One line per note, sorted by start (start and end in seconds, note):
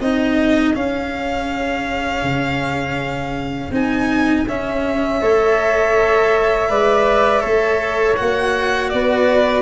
0.00 0.74 C4
0.00 0.74 D#4
0.00 5.21 G#4
0.00 0.75 D#5
0.74 3.71 C#4
0.74 2.23 C#4
0.74 3.71 F5
2.23 3.70 C#3
3.70 4.44 C4
3.70 4.45 D#4
3.70 4.48 G#5
4.47 5.21 C#4
4.47 8.16 E5
5.21 6.69 A3
5.21 6.69 A4
5.21 6.69 C#5
6.69 7.43 G#3
6.69 7.40 B4
6.69 7.41 D5
7.40 8.18 A3
7.40 8.14 A4
7.40 8.89 C#5
8.16 8.93 A#3
8.16 9.61 F#4
8.16 8.89 F#5
8.89 9.61 B3
8.89 9.61 B4
8.89 9.61 D5